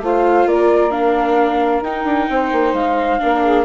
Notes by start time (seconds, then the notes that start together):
0.00 A3 F4 C5 F5
0.45 A#3 A#4 D5
0.90 D4 F5
1.81 D#4 G5
2.04 D4
2.29 C4 C5
2.52 A#3
2.73 G#3 F5
3.19 A#3 D4 A#4
3.43 G#4